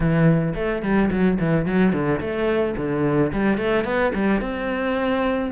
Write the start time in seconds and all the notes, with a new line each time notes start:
0.00 E3
0.54 A3
0.82 G3
1.10 F#3
1.39 E3
1.65 F#3
1.92 D3
2.20 A3
2.76 D3
3.32 G3
3.57 A3
3.84 B3
4.14 G3
4.40 C4